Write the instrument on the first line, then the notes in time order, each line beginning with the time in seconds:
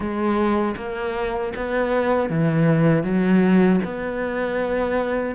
cello
0.00 G#3
0.76 A#3
1.56 B3
2.29 E3
3.03 F#3
3.84 B3